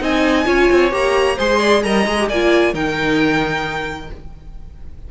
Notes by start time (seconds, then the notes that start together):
0.00 C4 D#4 D#5 G#5
0.46 C#4 F4 C#5
0.72 C4
0.91 A#3 G4 A#5
1.36 G#3 G#4 C5 C6
1.59 D5
1.83 G3 A#4 D#5 A#5
2.07 G#3 G#4
2.20 G4
2.29 A#3 F4 D5 G#5
2.73 D#3 D#4 A#4 G5